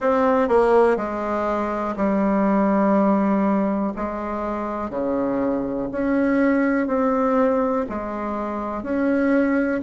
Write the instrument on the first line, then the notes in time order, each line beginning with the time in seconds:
bassoon
0.00 C4
0.48 A#3
0.97 G#3
1.96 G3
3.96 G#3
4.90 C#3
5.92 C#4
6.87 C4
7.89 G#3
8.83 C#4